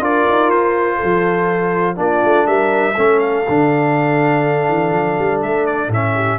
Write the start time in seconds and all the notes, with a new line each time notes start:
0.00 D4 F4 A#4 D5
0.29 D#4
0.48 F4 C5
0.96 A4
1.04 F3
1.96 A#3 D4 F4 D5
2.25 A3
2.47 G3 A#4 E5
2.95 A3 C#4 A4
3.20 F5
3.49 D3 D4
4.69 E3
4.93 F3
5.19 G3
5.43 A3 E5
5.66 D5
5.89 A2 C#4 E5
6.14 G4